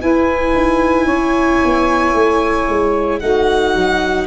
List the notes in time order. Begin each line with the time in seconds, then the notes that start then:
0.00 E4 B4 G#5
0.54 D#4
1.05 C#4 C#5
1.64 B3
2.13 A3
2.68 G#3
3.19 A3 D#4 F#4 F#5
3.75 F#3